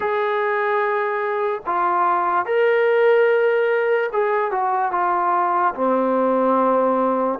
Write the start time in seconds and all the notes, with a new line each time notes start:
0.00 G#4
1.66 F4
2.45 A#4
4.12 G#4
4.51 F#4
4.91 F4
5.75 C4